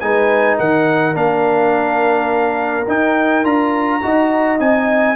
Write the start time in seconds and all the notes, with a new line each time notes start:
0.00 G#3 D#4 B4 G#5
0.57 D#3 A#4 F#5
1.14 A#3 D4 F5
2.88 D#4 G5
3.44 D4 F4 A#5
4.02 D#4 F#4 D#5
4.59 C4 D#4 G#5